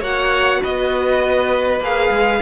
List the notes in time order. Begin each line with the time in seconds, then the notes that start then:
0.00 A#3 F#4 C#5 F#5
0.62 B3 B4 D#5
1.80 A#3 G#4 F5
2.10 G#3